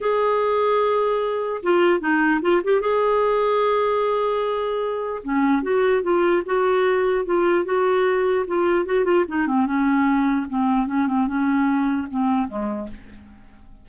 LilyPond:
\new Staff \with { instrumentName = "clarinet" } { \time 4/4 \tempo 4 = 149 gis'1 | f'4 dis'4 f'8 g'8 gis'4~ | gis'1~ | gis'4 cis'4 fis'4 f'4 |
fis'2 f'4 fis'4~ | fis'4 f'4 fis'8 f'8 dis'8 c'8 | cis'2 c'4 cis'8 c'8 | cis'2 c'4 gis4 | }